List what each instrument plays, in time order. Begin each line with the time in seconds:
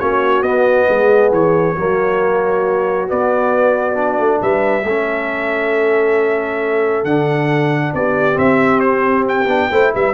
0.00 tuba A#3, trombone C#4, horn F#4, trumpet C#5
0.42 tuba B3, trombone B3, trumpet D#5
0.89 tuba G#3, horn G#4
1.32 tuba E3, trumpet C#5
1.76 tuba F#3, trombone A#3, horn F#4
3.08 trombone B3, tuba B3, trumpet D5
3.94 trombone D4
4.20 tuba A3
4.42 tuba G3, horn B4, trumpet E5
4.84 tuba A3, trombone C#4, horn A4
7.04 tuba D3, trombone D4, trumpet F#5
7.94 tuba B3, horn G4, trumpet D5
8.34 trombone C4, tuba C4, trumpet E5
8.80 trumpet C5
9.29 trumpet G5
9.47 tuba B3, trombone D4
9.72 tuba A3, trombone E4, horn C5
9.94 tuba G3, horn B4, trumpet E5